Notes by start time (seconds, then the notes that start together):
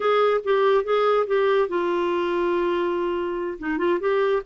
0.00 G#4
0.43 G4
0.84 G#4
1.26 G4
1.68 F4
3.59 D#4
3.78 F4
4.00 G4